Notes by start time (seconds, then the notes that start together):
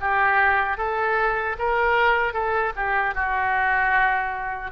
0.00 G4
0.77 A4
1.58 A#4
2.33 A4
2.75 G4
3.14 F#4